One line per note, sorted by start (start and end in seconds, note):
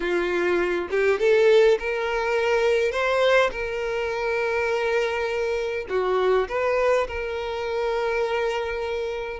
0.00 0.88 F4
0.90 1.19 G4
1.19 1.78 A4
1.79 2.91 A#4
2.91 3.50 C5
3.51 5.86 A#4
5.89 6.48 F#4
6.48 7.07 B4
7.07 9.40 A#4